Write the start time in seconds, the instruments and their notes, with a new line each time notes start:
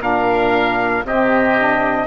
0.00 bassoon A#2, saxophone D4, oboe A#4, trumpet F5
1.03 bassoon C3, saxophone C4, oboe G4, trumpet D#5
1.58 saxophone D4